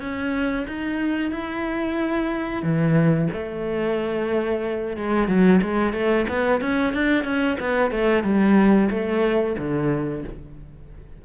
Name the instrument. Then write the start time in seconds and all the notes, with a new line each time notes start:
cello
0.00 C#4
0.67 D#4
1.31 E4
2.63 E3
3.33 A3
4.97 G#3
5.27 F#3
5.62 G#3
5.93 A3
6.29 B3
6.61 C#4
6.93 D4
7.24 C#4
7.60 B3
7.91 A3
8.23 G3
8.90 A3
9.58 D3